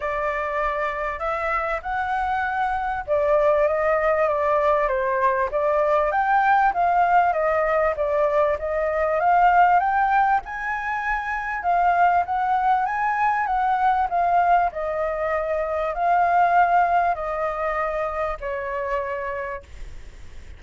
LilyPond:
\new Staff \with { instrumentName = "flute" } { \time 4/4 \tempo 4 = 98 d''2 e''4 fis''4~ | fis''4 d''4 dis''4 d''4 | c''4 d''4 g''4 f''4 | dis''4 d''4 dis''4 f''4 |
g''4 gis''2 f''4 | fis''4 gis''4 fis''4 f''4 | dis''2 f''2 | dis''2 cis''2 | }